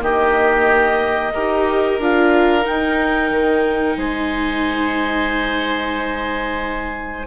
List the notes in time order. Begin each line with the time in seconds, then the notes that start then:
0.00 D#3 A#3 G4 D#5
1.33 D#4 G4 A#4
1.99 D4 F4 F5
2.62 D#4 G5
3.30 D#3
3.97 G#3 C5 G#5